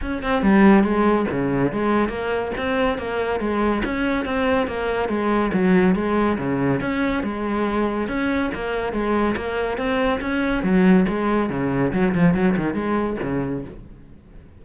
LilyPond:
\new Staff \with { instrumentName = "cello" } { \time 4/4 \tempo 4 = 141 cis'8 c'8 g4 gis4 cis4 | gis4 ais4 c'4 ais4 | gis4 cis'4 c'4 ais4 | gis4 fis4 gis4 cis4 |
cis'4 gis2 cis'4 | ais4 gis4 ais4 c'4 | cis'4 fis4 gis4 cis4 | fis8 f8 fis8 dis8 gis4 cis4 | }